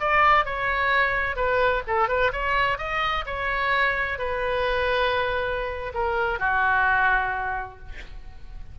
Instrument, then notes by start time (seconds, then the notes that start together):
oboe
0.00 D5
0.45 C#5
1.36 B4
1.87 A4
2.08 B4
2.32 C#5
2.78 D#5
3.26 C#5
4.18 B4
5.94 A#4
6.39 F#4